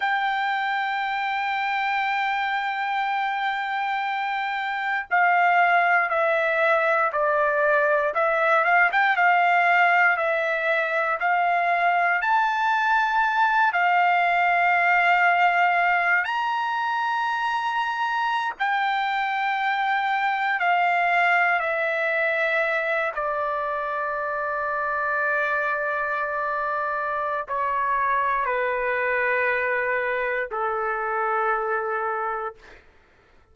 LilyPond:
\new Staff \with { instrumentName = "trumpet" } { \time 4/4 \tempo 4 = 59 g''1~ | g''4 f''4 e''4 d''4 | e''8 f''16 g''16 f''4 e''4 f''4 | a''4. f''2~ f''8 |
ais''2~ ais''16 g''4.~ g''16~ | g''16 f''4 e''4. d''4~ d''16~ | d''2. cis''4 | b'2 a'2 | }